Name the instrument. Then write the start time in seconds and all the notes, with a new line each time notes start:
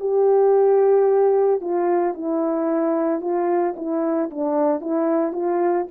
horn
0.00 G4
1.61 F4
2.14 E4
3.21 F4
3.76 E4
4.31 D4
4.81 E4
5.32 F4